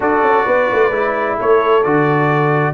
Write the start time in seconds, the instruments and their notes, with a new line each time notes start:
0.00 tuba D4, trombone F#4, horn A4, trumpet D5
0.21 tuba C#4
0.45 tuba B3, horn B4
0.72 tuba A3
0.89 tuba G#3, trombone E4
1.37 tuba A3, horn A4, trumpet C#5
1.83 tuba D3, trombone F#4, trumpet D5